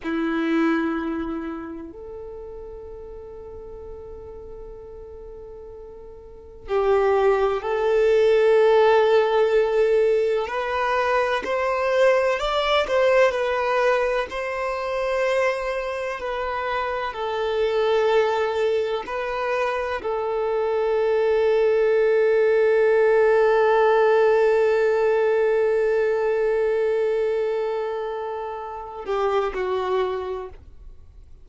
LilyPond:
\new Staff \with { instrumentName = "violin" } { \time 4/4 \tempo 4 = 63 e'2 a'2~ | a'2. g'4 | a'2. b'4 | c''4 d''8 c''8 b'4 c''4~ |
c''4 b'4 a'2 | b'4 a'2.~ | a'1~ | a'2~ a'8 g'8 fis'4 | }